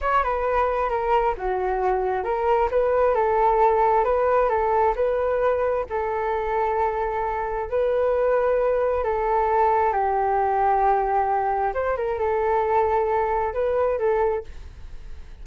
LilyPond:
\new Staff \with { instrumentName = "flute" } { \time 4/4 \tempo 4 = 133 cis''8 b'4. ais'4 fis'4~ | fis'4 ais'4 b'4 a'4~ | a'4 b'4 a'4 b'4~ | b'4 a'2.~ |
a'4 b'2. | a'2 g'2~ | g'2 c''8 ais'8 a'4~ | a'2 b'4 a'4 | }